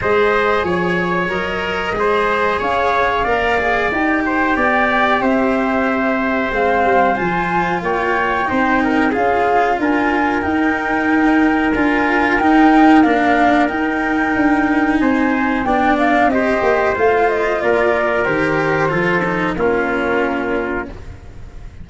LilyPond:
<<
  \new Staff \with { instrumentName = "flute" } { \time 4/4 \tempo 4 = 92 dis''4 cis''4 dis''2 | f''2 g''2 | e''2 f''4 gis''4 | g''2 f''4 gis''4 |
g''2 gis''4 g''4 | f''4 g''2 gis''4 | g''8 f''8 dis''4 f''8 dis''8 d''4 | c''2 ais'2 | }
  \new Staff \with { instrumentName = "trumpet" } { \time 4/4 c''4 cis''2 c''4 | cis''4 d''4. c''8 d''4 | c''1 | cis''4 c''8 ais'8 gis'4 ais'4~ |
ais'1~ | ais'2. c''4 | d''4 c''2 ais'4~ | ais'4 a'4 f'2 | }
  \new Staff \with { instrumentName = "cello" } { \time 4/4 gis'2 ais'4 gis'4~ | gis'4 ais'8 gis'8 g'2~ | g'2 c'4 f'4~ | f'4 dis'4 f'2 |
dis'2 f'4 dis'4 | d'4 dis'2. | d'4 g'4 f'2 | g'4 f'8 dis'8 cis'2 | }
  \new Staff \with { instrumentName = "tuba" } { \time 4/4 gis4 f4 fis4 gis4 | cis'4 ais4 dis'4 b4 | c'2 gis8 g8 f4 | ais4 c'4 cis'4 d'4 |
dis'2 d'4 dis'4 | ais4 dis'4 d'4 c'4 | b4 c'8 ais8 a4 ais4 | dis4 f4 ais2 | }
>>